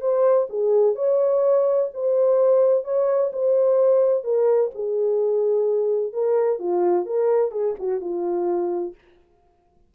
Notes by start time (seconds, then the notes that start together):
0.00 C5
0.49 G#4
0.95 C#5
1.93 C5
2.84 C#5
3.32 C5
4.23 A#4
4.74 G#4
6.13 A#4
6.59 F4
7.05 A#4
7.51 G#4
7.79 F#4
8.00 F4